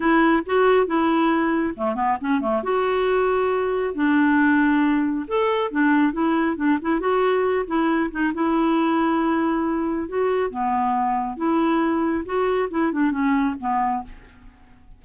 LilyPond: \new Staff \with { instrumentName = "clarinet" } { \time 4/4 \tempo 4 = 137 e'4 fis'4 e'2 | a8 b8 cis'8 a8 fis'2~ | fis'4 d'2. | a'4 d'4 e'4 d'8 e'8 |
fis'4. e'4 dis'8 e'4~ | e'2. fis'4 | b2 e'2 | fis'4 e'8 d'8 cis'4 b4 | }